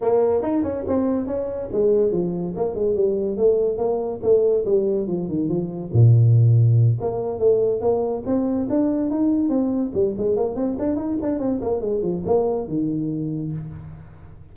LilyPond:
\new Staff \with { instrumentName = "tuba" } { \time 4/4 \tempo 4 = 142 ais4 dis'8 cis'8 c'4 cis'4 | gis4 f4 ais8 gis8 g4 | a4 ais4 a4 g4 | f8 dis8 f4 ais,2~ |
ais,8 ais4 a4 ais4 c'8~ | c'8 d'4 dis'4 c'4 g8 | gis8 ais8 c'8 d'8 dis'8 d'8 c'8 ais8 | gis8 f8 ais4 dis2 | }